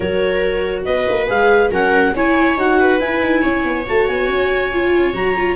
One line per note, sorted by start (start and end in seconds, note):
0.00 0.86 F#3
0.00 1.27 F#4
0.00 0.85 A#4
0.00 0.82 C#5
0.84 1.07 B3
0.84 1.71 B4
0.84 1.27 D#5
1.08 1.29 A#3
1.27 1.70 G#3
1.27 1.70 G#4
1.27 1.72 F5
1.70 2.12 F#3
1.70 2.13 C#4
1.70 2.14 A#4
1.70 2.15 F#5
2.13 2.56 C#4
2.13 2.58 E4
2.13 2.79 C#5
2.13 2.58 G#5
2.56 2.99 D#4
2.56 2.99 F#4
2.56 2.99 F#5
2.79 3.41 B4
2.99 3.85 E4
2.99 3.21 E4
2.99 3.85 G#5
3.21 3.42 D#4
3.41 3.64 C#4
3.41 5.56 C#5
3.64 3.86 B3
3.86 4.08 A3
3.86 4.72 F#4
3.86 4.07 A5
4.07 4.28 B3
4.07 5.14 G#5
4.28 5.13 C#4
4.72 5.13 F4
5.13 5.56 F#3
5.13 5.34 F#4
5.13 5.56 A#5
5.35 5.56 F4